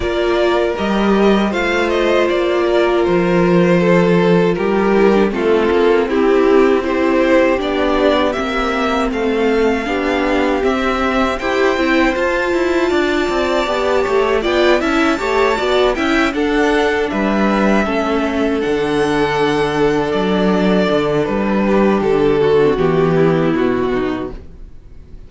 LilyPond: <<
  \new Staff \with { instrumentName = "violin" } { \time 4/4 \tempo 4 = 79 d''4 dis''4 f''8 dis''8 d''4 | c''2 ais'4 a'4 | g'4 c''4 d''4 e''4 | f''2 e''4 g''4 |
a''2. g''8 a''8~ | a''4 g''8 fis''4 e''4.~ | e''8 fis''2 d''4. | b'4 a'4 g'4 fis'4 | }
  \new Staff \with { instrumentName = "violin" } { \time 4/4 ais'2 c''4. ais'8~ | ais'4 a'4 g'4 f'4 | e'4 g'2. | a'4 g'2 c''4~ |
c''4 d''4. cis''8 d''8 e''8 | cis''8 d''8 e''8 a'4 b'4 a'8~ | a'1~ | a'8 g'4 fis'4 e'4 dis'8 | }
  \new Staff \with { instrumentName = "viola" } { \time 4/4 f'4 g'4 f'2~ | f'2~ f'8 e'16 d'16 c'4~ | c'4 e'4 d'4 c'4~ | c'4 d'4 c'4 g'8 e'8 |
f'2 g'4 f'8 e'8 | g'8 fis'8 e'8 d'2 cis'8~ | cis'8 d'2.~ d'8~ | d'4.~ d'16 c'16 b2 | }
  \new Staff \with { instrumentName = "cello" } { \time 4/4 ais4 g4 a4 ais4 | f2 g4 a8 ais8 | c'2 b4 ais4 | a4 b4 c'4 e'8 c'8 |
f'8 e'8 d'8 c'8 b8 a8 b8 cis'8 | a8 b8 cis'8 d'4 g4 a8~ | a8 d2 fis4 d8 | g4 d4 e4 b,4 | }
>>